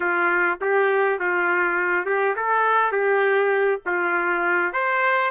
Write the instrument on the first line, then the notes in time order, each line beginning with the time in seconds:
trumpet
0.00 F4
0.61 G4
1.19 F4
2.05 G4
2.35 A4
2.92 G4
3.86 F4
4.72 C5